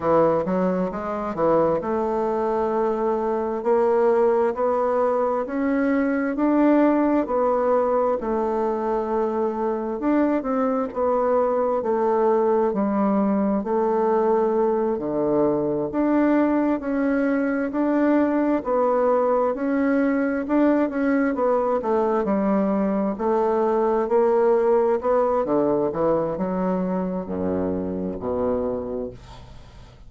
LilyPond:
\new Staff \with { instrumentName = "bassoon" } { \time 4/4 \tempo 4 = 66 e8 fis8 gis8 e8 a2 | ais4 b4 cis'4 d'4 | b4 a2 d'8 c'8 | b4 a4 g4 a4~ |
a8 d4 d'4 cis'4 d'8~ | d'8 b4 cis'4 d'8 cis'8 b8 | a8 g4 a4 ais4 b8 | d8 e8 fis4 fis,4 b,4 | }